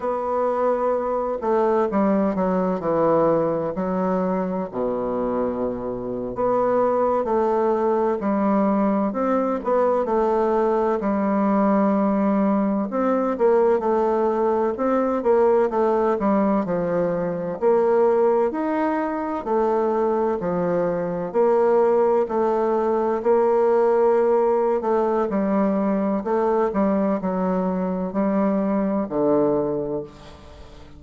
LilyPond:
\new Staff \with { instrumentName = "bassoon" } { \time 4/4 \tempo 4 = 64 b4. a8 g8 fis8 e4 | fis4 b,4.~ b,16 b4 a16~ | a8. g4 c'8 b8 a4 g16~ | g4.~ g16 c'8 ais8 a4 c'16~ |
c'16 ais8 a8 g8 f4 ais4 dis'16~ | dis'8. a4 f4 ais4 a16~ | a8. ais4.~ ais16 a8 g4 | a8 g8 fis4 g4 d4 | }